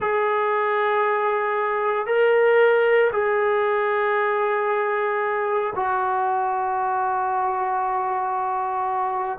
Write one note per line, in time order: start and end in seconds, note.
0.00 2.06 G#4
2.06 3.10 A#4
3.12 5.73 G#4
5.75 9.38 F#4